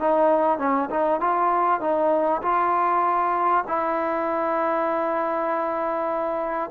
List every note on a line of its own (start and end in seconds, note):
0.00 0.59 D#4
0.59 0.89 C#4
0.90 1.21 D#4
1.21 1.81 F4
1.81 2.42 D#4
2.42 3.65 F4
3.68 6.71 E4